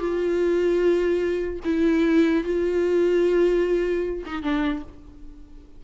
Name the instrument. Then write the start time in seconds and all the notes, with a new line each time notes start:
viola
0.00 F4
1.65 E4
2.44 F4
4.26 D#4
4.42 D4